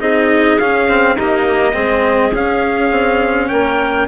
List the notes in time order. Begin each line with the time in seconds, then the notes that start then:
0.00 C4 D#4 G#4 D#5
0.59 C#4 F5
0.88 C4
1.15 A#3 D#4 G4 D#5
1.73 G#3 C4 G#4
2.31 C#4 F5
2.91 C4
3.48 A#3 A#4 G5